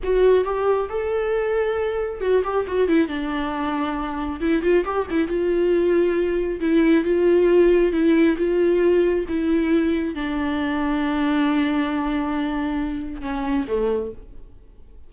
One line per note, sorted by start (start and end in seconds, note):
0.03 0.44 F#4
0.44 0.88 G4
0.89 2.20 A4
2.20 2.42 F#4
2.44 2.66 G4
2.67 2.88 F#4
2.88 3.07 E4
3.07 4.40 D4
4.40 4.62 E4
4.62 4.84 F4
4.84 5.06 G4
5.10 5.27 E4
5.27 6.60 F4
6.60 7.04 E4
7.04 7.92 F4
7.92 8.36 E4
8.37 9.25 F4
9.28 10.14 E4
10.14 13.21 D4
13.21 13.65 C#4
13.67 14.11 A3